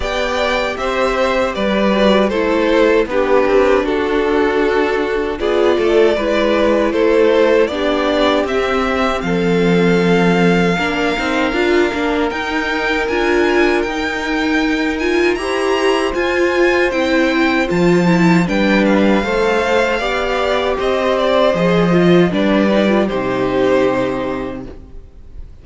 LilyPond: <<
  \new Staff \with { instrumentName = "violin" } { \time 4/4 \tempo 4 = 78 g''4 e''4 d''4 c''4 | b'4 a'2 d''4~ | d''4 c''4 d''4 e''4 | f''1 |
g''4 gis''4 g''4. gis''8 | ais''4 gis''4 g''4 a''4 | g''8 f''2~ f''8 dis''8 d''8 | dis''4 d''4 c''2 | }
  \new Staff \with { instrumentName = "violin" } { \time 4/4 d''4 c''4 b'4 a'4 | g'4 fis'2 gis'8 a'8 | b'4 a'4 g'2 | a'2 ais'2~ |
ais'1 | c''1 | b'4 c''4 d''4 c''4~ | c''4 b'4 g'2 | }
  \new Staff \with { instrumentName = "viola" } { \time 4/4 g'2~ g'8 fis'8 e'4 | d'2. f'4 | e'2 d'4 c'4~ | c'2 d'8 dis'8 f'8 d'8 |
dis'4 f'4 dis'4. f'8 | g'4 f'4 e'4 f'8 e'8 | d'4 a'4 g'2 | gis'8 f'8 d'8 dis'16 f'16 dis'2 | }
  \new Staff \with { instrumentName = "cello" } { \time 4/4 b4 c'4 g4 a4 | b8 c'8 d'2 b8 a8 | gis4 a4 b4 c'4 | f2 ais8 c'8 d'8 ais8 |
dis'4 d'4 dis'2 | e'4 f'4 c'4 f4 | g4 a4 b4 c'4 | f4 g4 c2 | }
>>